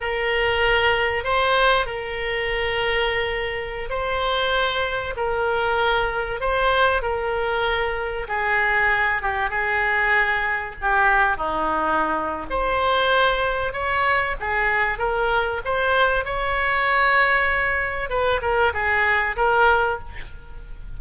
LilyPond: \new Staff \with { instrumentName = "oboe" } { \time 4/4 \tempo 4 = 96 ais'2 c''4 ais'4~ | ais'2~ ais'16 c''4.~ c''16~ | c''16 ais'2 c''4 ais'8.~ | ais'4~ ais'16 gis'4. g'8 gis'8.~ |
gis'4~ gis'16 g'4 dis'4.~ dis'16 | c''2 cis''4 gis'4 | ais'4 c''4 cis''2~ | cis''4 b'8 ais'8 gis'4 ais'4 | }